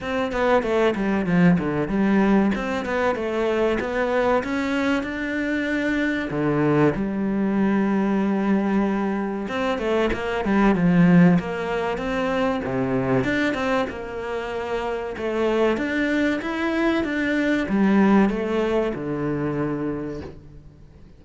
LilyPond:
\new Staff \with { instrumentName = "cello" } { \time 4/4 \tempo 4 = 95 c'8 b8 a8 g8 f8 d8 g4 | c'8 b8 a4 b4 cis'4 | d'2 d4 g4~ | g2. c'8 a8 |
ais8 g8 f4 ais4 c'4 | c4 d'8 c'8 ais2 | a4 d'4 e'4 d'4 | g4 a4 d2 | }